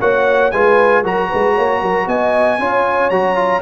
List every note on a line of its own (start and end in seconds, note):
0.00 0.52 A#3
0.00 0.52 F#4
0.00 0.52 C#5
0.00 0.51 F#5
0.51 1.03 G#3
0.51 1.04 F4
0.51 1.02 B4
0.51 1.03 G#5
1.02 1.29 F#3
1.02 2.59 F#4
1.02 1.28 A#4
1.02 2.08 A#5
1.29 1.57 G#3
1.29 1.54 B4
1.54 1.81 A#3
1.54 1.80 C#5
1.80 2.07 F#3
1.80 2.06 A#4
2.07 2.58 B3
2.07 2.59 D#5
2.07 3.10 G#5
2.59 3.10 C#4
2.59 3.11 F4
2.59 3.61 C#5
3.10 3.61 F#3
3.10 3.35 F#4
3.10 3.61 A#5
3.35 3.61 F4